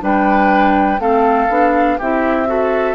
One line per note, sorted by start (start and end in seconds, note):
0.00 0.99 G3
0.00 0.98 D4
0.00 1.01 B4
0.00 1.01 G5
0.99 1.48 A3
0.99 1.49 C4
0.99 1.98 A4
0.99 1.99 F5
1.49 1.98 B3
1.49 1.99 D4
1.98 2.95 C4
1.98 2.47 E4
1.98 2.48 G4
1.98 2.95 E5
2.47 2.95 F#4
2.47 2.95 A4